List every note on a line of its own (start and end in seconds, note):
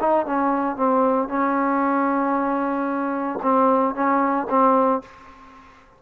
0.00 0.26 D#4
0.26 0.76 C#4
0.76 1.28 C4
1.28 3.39 C#4
3.42 3.94 C4
3.94 4.47 C#4
4.50 5.02 C4